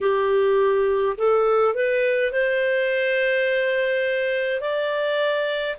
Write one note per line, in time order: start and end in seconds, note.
0.01 1.16 G4
1.17 1.74 A4
1.74 2.31 B4
2.31 4.60 C5
4.60 5.76 D5